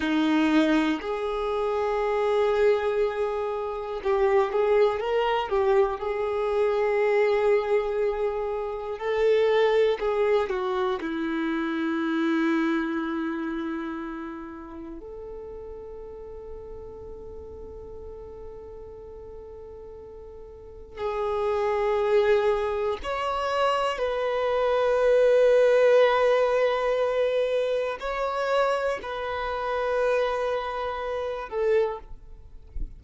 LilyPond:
\new Staff \with { instrumentName = "violin" } { \time 4/4 \tempo 4 = 60 dis'4 gis'2. | g'8 gis'8 ais'8 g'8 gis'2~ | gis'4 a'4 gis'8 fis'8 e'4~ | e'2. a'4~ |
a'1~ | a'4 gis'2 cis''4 | b'1 | cis''4 b'2~ b'8 a'8 | }